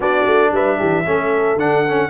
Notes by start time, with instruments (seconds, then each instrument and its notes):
0.00 tuba B3, trombone D4, horn F#4, trumpet D5
0.26 tuba A3
0.51 tuba G3, horn B4, trumpet E5
0.78 tuba E3, horn G4
1.05 tuba A3, trombone C#4, horn A4
1.55 tuba D3, trombone D4, trumpet F#5
1.88 trombone C#4